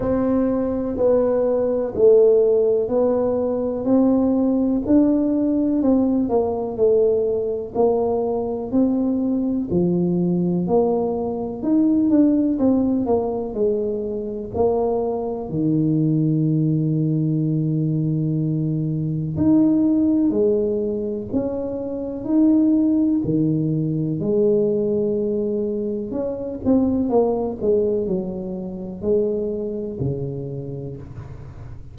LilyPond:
\new Staff \with { instrumentName = "tuba" } { \time 4/4 \tempo 4 = 62 c'4 b4 a4 b4 | c'4 d'4 c'8 ais8 a4 | ais4 c'4 f4 ais4 | dis'8 d'8 c'8 ais8 gis4 ais4 |
dis1 | dis'4 gis4 cis'4 dis'4 | dis4 gis2 cis'8 c'8 | ais8 gis8 fis4 gis4 cis4 | }